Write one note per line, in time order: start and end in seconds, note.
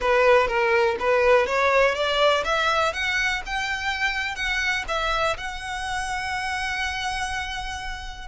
0.00 0.47 B4
0.47 0.96 A#4
0.99 1.46 B4
1.46 1.94 C#5
1.94 2.43 D5
2.44 2.93 E5
2.93 3.41 F#5
3.45 4.35 G5
4.35 4.84 F#5
4.88 5.36 E5
5.37 8.27 F#5